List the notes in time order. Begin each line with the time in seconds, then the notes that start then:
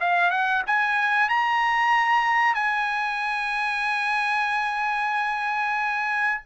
0.00 F5
0.30 F#5
0.67 G#5
1.29 A#5
2.55 G#5